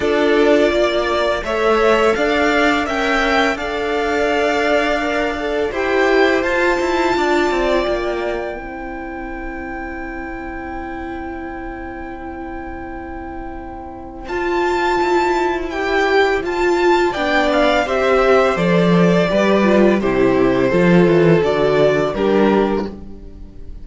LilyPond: <<
  \new Staff \with { instrumentName = "violin" } { \time 4/4 \tempo 4 = 84 d''2 e''4 f''4 | g''4 f''2. | g''4 a''2 g''4~ | g''1~ |
g''1 | a''2 g''4 a''4 | g''8 f''8 e''4 d''2 | c''2 d''4 ais'4 | }
  \new Staff \with { instrumentName = "violin" } { \time 4/4 a'4 d''4 cis''4 d''4 | e''4 d''2. | c''2 d''2 | c''1~ |
c''1~ | c''1 | d''4 c''2 b'4 | g'4 a'2 g'4 | }
  \new Staff \with { instrumentName = "viola" } { \time 4/4 f'2 a'2 | ais'4 a'2 ais'8 a'8 | g'4 f'2. | e'1~ |
e'1 | f'2 g'4 f'4 | d'4 g'4 a'4 g'8 f'8 | e'4 f'4 fis'4 d'4 | }
  \new Staff \with { instrumentName = "cello" } { \time 4/4 d'4 ais4 a4 d'4 | cis'4 d'2. | e'4 f'8 e'8 d'8 c'8 ais4 | c'1~ |
c'1 | f'4 e'2 f'4 | b4 c'4 f4 g4 | c4 f8 e8 d4 g4 | }
>>